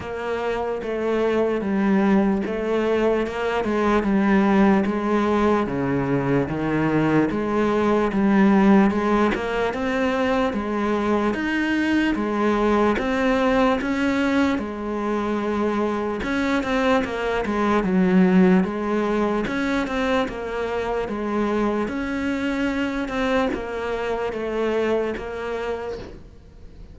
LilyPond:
\new Staff \with { instrumentName = "cello" } { \time 4/4 \tempo 4 = 74 ais4 a4 g4 a4 | ais8 gis8 g4 gis4 cis4 | dis4 gis4 g4 gis8 ais8 | c'4 gis4 dis'4 gis4 |
c'4 cis'4 gis2 | cis'8 c'8 ais8 gis8 fis4 gis4 | cis'8 c'8 ais4 gis4 cis'4~ | cis'8 c'8 ais4 a4 ais4 | }